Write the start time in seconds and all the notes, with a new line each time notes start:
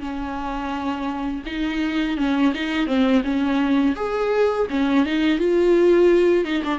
0.00 C#4
1.46 D#4
2.17 C#4
2.54 D#4
2.87 C4
3.24 C#4
3.96 G#4
4.70 C#4
5.06 D#4
5.38 F4
6.45 D#4
6.64 D4